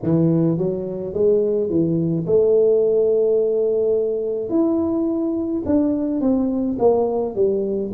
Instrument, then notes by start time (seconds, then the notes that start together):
tuba
0.03 E3
0.57 F#3
1.13 G#3
1.69 E3
2.26 A3
4.49 E4
5.66 D4
6.21 C4
6.78 A#3
7.35 G3